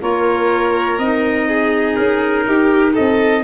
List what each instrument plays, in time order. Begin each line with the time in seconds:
0.00 tuba A#3, clarinet F4, violin A#4, trumpet C#5
0.98 tuba C4, clarinet D#4, trumpet D#5
1.48 violin G#4
1.95 tuba C#4, trumpet A#4
2.46 tuba D#4, violin G4
2.93 tuba C4, violin A4, trumpet D#5